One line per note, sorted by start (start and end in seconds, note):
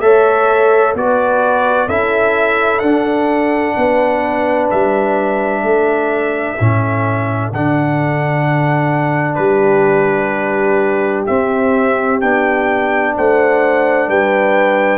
0.00 0.94 A3
0.00 0.96 A4
0.00 0.97 C#5
0.00 0.95 E5
0.94 1.88 B3
0.94 1.89 F#4
0.94 1.88 B4
0.94 1.89 D5
1.88 2.81 C#4
1.88 2.83 E4
1.88 3.75 A4
1.88 2.80 E5
2.80 3.75 D4
2.80 6.58 D4
2.80 4.67 F#5
3.77 4.71 B3
3.77 5.64 B4
4.71 5.63 G3
4.71 7.52 E5
5.63 6.57 A3
5.63 9.38 A4
6.60 7.53 A2
6.60 7.53 C#4
7.53 9.39 D3
7.53 11.28 D4
7.53 9.35 F#5
9.35 11.27 G3
9.35 13.13 G4
9.35 11.23 B4
11.27 12.21 C4
11.27 12.23 C4
11.27 12.21 E5
12.21 13.17 B3
12.21 14.99 D4
12.21 13.15 G5
13.17 14.08 A3
13.17 14.09 C5
13.17 14.10 F#5
14.08 14.99 G3
14.08 14.99 B4
14.08 14.99 G5